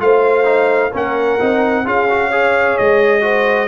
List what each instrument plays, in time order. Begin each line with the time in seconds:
0.00 tuba A3, trombone F4, horn C5, trumpet F5
0.45 trombone D#4
0.92 tuba A#3, trombone C#4, horn A#4, trumpet F#5
1.40 tuba C4, trombone D#4
1.85 tuba C#4, trombone F4, horn G#4, trumpet F5
2.10 trombone F#4
2.28 trombone G#4, horn C#5
2.78 tuba G#3, trumpet D#5
3.21 trombone F#4, horn C5